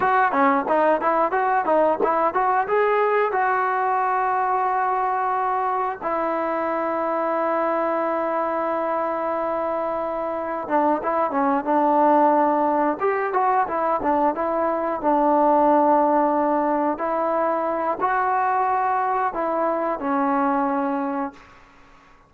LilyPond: \new Staff \with { instrumentName = "trombone" } { \time 4/4 \tempo 4 = 90 fis'8 cis'8 dis'8 e'8 fis'8 dis'8 e'8 fis'8 | gis'4 fis'2.~ | fis'4 e'2.~ | e'1 |
d'8 e'8 cis'8 d'2 g'8 | fis'8 e'8 d'8 e'4 d'4.~ | d'4. e'4. fis'4~ | fis'4 e'4 cis'2 | }